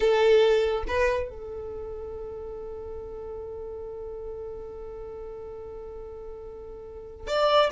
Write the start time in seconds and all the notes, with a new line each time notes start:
0.00 A4
0.87 B4
1.29 A4
7.27 D5